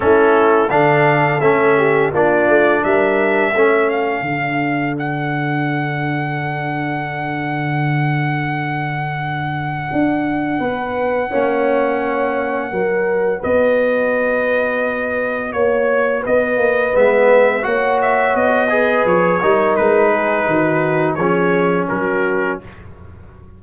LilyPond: <<
  \new Staff \with { instrumentName = "trumpet" } { \time 4/4 \tempo 4 = 85 a'4 f''4 e''4 d''4 | e''4. f''4. fis''4~ | fis''1~ | fis''1~ |
fis''2. dis''4~ | dis''2 cis''4 dis''4 | e''4 fis''8 e''8 dis''4 cis''4 | b'2 cis''4 ais'4 | }
  \new Staff \with { instrumentName = "horn" } { \time 4/4 e'4 a'4. g'8 f'4 | ais'4 a'2.~ | a'1~ | a'2. b'4 |
cis''2 ais'4 b'4~ | b'2 cis''4 b'4~ | b'4 cis''4. b'4 ais'8~ | ais'8 gis'8 fis'4 gis'4 fis'4 | }
  \new Staff \with { instrumentName = "trombone" } { \time 4/4 cis'4 d'4 cis'4 d'4~ | d'4 cis'4 d'2~ | d'1~ | d'1 |
cis'2 fis'2~ | fis'1 | b4 fis'4. gis'4 dis'8~ | dis'2 cis'2 | }
  \new Staff \with { instrumentName = "tuba" } { \time 4/4 a4 d4 a4 ais8 a8 | g4 a4 d2~ | d1~ | d2 d'4 b4 |
ais2 fis4 b4~ | b2 ais4 b8 ais8 | gis4 ais4 b4 f8 g8 | gis4 dis4 f4 fis4 | }
>>